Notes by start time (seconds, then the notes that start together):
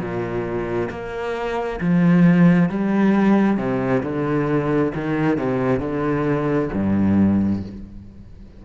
0.00 A#2
0.90 A#3
1.81 F3
2.69 G3
3.57 C3
4.03 D3
4.95 D#3
5.38 C3
5.80 D3
6.73 G2